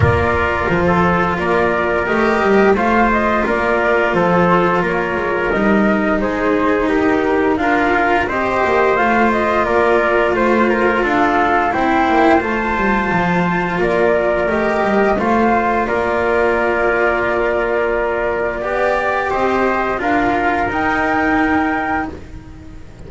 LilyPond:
<<
  \new Staff \with { instrumentName = "flute" } { \time 4/4 \tempo 4 = 87 d''4 c''4 d''4 dis''4 | f''8 dis''8 d''4 c''4 cis''4 | dis''4 c''4 ais'4 f''4 | dis''4 f''8 dis''8 d''4 c''4 |
f''4 g''4 a''2 | d''4 dis''4 f''4 d''4~ | d''1 | dis''4 f''4 g''2 | }
  \new Staff \with { instrumentName = "trumpet" } { \time 4/4 ais'4~ ais'16 a'8. ais'2 | c''4 ais'4 a'4 ais'4~ | ais'4 gis'4 g'4 ais'4 | c''2 ais'4 c''8 ais'8 |
a'4 c''2. | ais'2 c''4 ais'4~ | ais'2. d''4 | c''4 ais'2. | }
  \new Staff \with { instrumentName = "cello" } { \time 4/4 f'2. g'4 | f'1 | dis'2. f'4 | g'4 f'2.~ |
f'4 e'4 f'2~ | f'4 g'4 f'2~ | f'2. g'4~ | g'4 f'4 dis'2 | }
  \new Staff \with { instrumentName = "double bass" } { \time 4/4 ais4 f4 ais4 a8 g8 | a4 ais4 f4 ais8 gis8 | g4 gis4 dis'4 d'4 | c'8 ais8 a4 ais4 a4 |
d'4 c'8 ais8 a8 g8 f4 | ais4 a8 g8 a4 ais4~ | ais2. b4 | c'4 d'4 dis'2 | }
>>